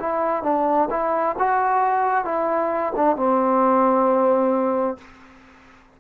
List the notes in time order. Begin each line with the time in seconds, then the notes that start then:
0.00 E4
0.43 D4
0.90 E4
1.39 F#4
2.25 E4
2.96 D4
3.17 C4